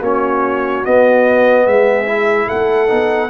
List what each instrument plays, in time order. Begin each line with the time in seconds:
0.00 tuba A#3, trombone C#4, horn F#4, trumpet C#5
0.84 trombone B3, tuba B3, trumpet D#5
1.66 tuba G#3, horn G#4, trumpet E5
2.07 trombone E4
2.47 horn A4, trumpet F#5
2.53 tuba A3
2.88 tuba B3, trombone D#4